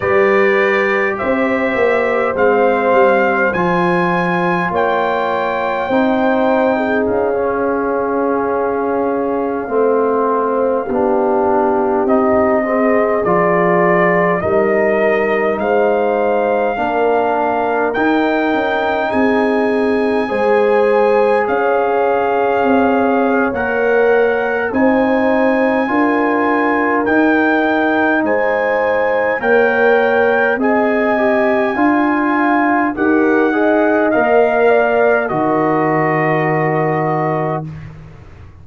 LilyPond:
<<
  \new Staff \with { instrumentName = "trumpet" } { \time 4/4 \tempo 4 = 51 d''4 e''4 f''4 gis''4 | g''2 f''2~ | f''2~ f''16 dis''4 d''8.~ | d''16 dis''4 f''2 g''8.~ |
g''16 gis''2 f''4.~ f''16 | fis''4 gis''2 g''4 | gis''4 g''4 gis''2 | fis''4 f''4 dis''2 | }
  \new Staff \with { instrumentName = "horn" } { \time 4/4 b'4 c''2. | cis''4 c''8. gis'2~ gis'16~ | gis'16 c''4 g'4. gis'4~ gis'16~ | gis'16 ais'4 c''4 ais'4.~ ais'16~ |
ais'16 gis'4 c''4 cis''4.~ cis''16~ | cis''4 c''4 ais'2 | c''4 cis''4 dis''4 f''4 | ais'8 dis''4 d''8 ais'2 | }
  \new Staff \with { instrumentName = "trombone" } { \time 4/4 g'2 c'4 f'4~ | f'4 dis'4~ dis'16 cis'4.~ cis'16~ | cis'16 c'4 d'4 dis'8 c'8 f'8.~ | f'16 dis'2 d'4 dis'8.~ |
dis'4~ dis'16 gis'2~ gis'8. | ais'4 dis'4 f'4 dis'4~ | dis'4 ais'4 gis'8 g'8 f'4 | g'8 gis'8 ais'4 fis'2 | }
  \new Staff \with { instrumentName = "tuba" } { \time 4/4 g4 c'8 ais8 gis8 g8 f4 | ais4 c'4 cis'2~ | cis'16 a4 b4 c'4 f8.~ | f16 g4 gis4 ais4 dis'8 cis'16~ |
cis'16 c'4 gis4 cis'4 c'8. | ais4 c'4 d'4 dis'4 | gis4 ais4 c'4 d'4 | dis'4 ais4 dis2 | }
>>